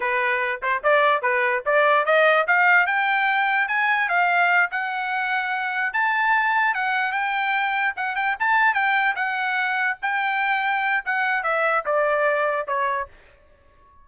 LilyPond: \new Staff \with { instrumentName = "trumpet" } { \time 4/4 \tempo 4 = 147 b'4. c''8 d''4 b'4 | d''4 dis''4 f''4 g''4~ | g''4 gis''4 f''4. fis''8~ | fis''2~ fis''8 a''4.~ |
a''8 fis''4 g''2 fis''8 | g''8 a''4 g''4 fis''4.~ | fis''8 g''2~ g''8 fis''4 | e''4 d''2 cis''4 | }